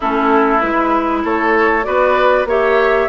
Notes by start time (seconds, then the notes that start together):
0.00 A3 C#4 E4 A4
0.60 G#3 E4 B4
1.24 A3 A4 C#5
1.83 B3 F#4 B4 D5
2.45 A#3 G4 C#5 E5